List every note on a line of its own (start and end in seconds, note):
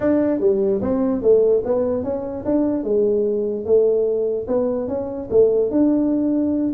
0.00 0.40 D4
0.40 0.81 G3
0.81 1.22 C4
1.22 1.63 A3
1.64 2.03 B3
2.03 2.44 C#4
2.45 2.83 D4
2.83 3.65 G#3
3.65 4.46 A3
4.47 4.88 B3
4.88 5.29 C#4
5.30 5.71 A3
5.71 6.73 D4